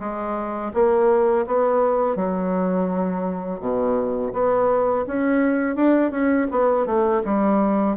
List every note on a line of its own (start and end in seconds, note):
0.00 0.72 G#3
0.74 1.46 A#3
1.47 2.16 B3
2.16 3.61 F#3
3.61 4.33 B2
4.33 5.06 B3
5.07 5.76 C#4
5.76 6.12 D4
6.12 6.48 C#4
6.52 6.86 B3
6.86 7.23 A3
7.25 7.97 G3